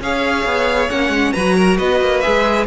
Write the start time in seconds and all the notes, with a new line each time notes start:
0.00 C#4 G#4 C#5 F5
0.45 B3
0.90 A#3 C#4 F#5
1.09 G#3
1.32 F#3 F#4 B4 A#5
1.56 A#4
1.78 B3 B4 D#5
2.01 A#3
2.20 G#4 E5
2.26 G#3